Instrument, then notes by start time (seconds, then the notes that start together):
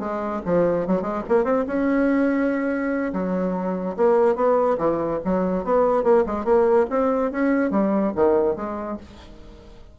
bassoon
0.00 G#3
0.46 F3
0.87 F#3
1.02 G#3
1.29 A#3
1.45 C4
1.67 C#4
3.13 F#3
3.97 A#3
4.36 B3
4.78 E3
5.25 F#3
5.65 B3
6.04 A#3
6.27 G#3
6.45 A#3
6.90 C4
7.32 C#4
7.71 G3
8.16 D#3
8.56 G#3